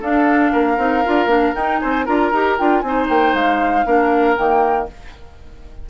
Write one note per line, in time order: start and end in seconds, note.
0.00 0.52 D4
0.00 0.78 D4
0.00 0.51 A4
0.00 1.55 F5
0.52 0.77 A#3
0.52 1.80 A#4
0.77 1.03 C4
0.77 1.03 D#4
1.05 1.26 D4
1.05 1.28 F4
1.26 1.51 A#3
1.26 1.54 D4
1.55 2.06 D#4
1.55 1.81 D#4
1.55 1.79 G5
1.79 2.07 C4
1.79 2.05 C5
1.79 2.05 G#5
2.05 2.32 D4
2.05 2.32 F4
2.05 2.82 A#4
2.05 2.56 A#5
2.32 2.57 D#4
2.32 2.58 G4
2.58 2.83 D4
2.58 2.84 F4
2.58 2.80 G5
2.80 3.08 C4
2.80 3.85 D#4
2.80 3.06 G#5
2.87 3.86 C5
3.09 3.33 A#3
3.09 3.35 G5
3.33 3.85 G#3
3.33 4.37 F5
3.85 4.37 A#3
3.85 4.36 D4
3.85 4.89 A#4
4.36 4.89 D#3
4.36 4.87 A#3
4.36 4.88 G5